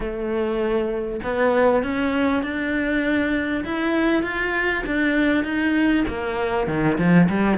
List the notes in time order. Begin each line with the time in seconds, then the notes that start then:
0.00 A3
1.23 B3
1.83 C#4
2.42 D4
3.64 E4
4.22 F4
4.86 D4
5.44 D#4
6.07 A#3
6.67 D#3
6.98 F3
7.29 G3